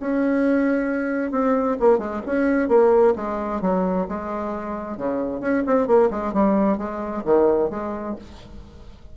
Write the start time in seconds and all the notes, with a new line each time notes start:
0.00 C#4
1.31 C4
1.80 A#3
1.98 G#3
2.26 C#4
2.68 A#3
3.16 G#3
3.61 F#3
4.08 G#3
4.97 C#3
5.40 C#4
5.66 C4
5.87 A#3
6.11 G#3
6.33 G3
6.77 G#3
7.25 D#3
7.70 G#3